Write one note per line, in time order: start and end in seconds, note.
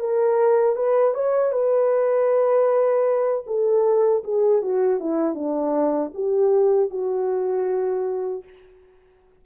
0.00 0.76 A#4
0.76 1.14 B4
1.14 1.52 C#5
1.52 3.45 B4
3.47 4.24 A4
4.24 4.62 G#4
4.62 5.00 F#4
5.00 5.35 E4
5.35 6.12 D4
6.14 6.90 G4
6.90 8.44 F#4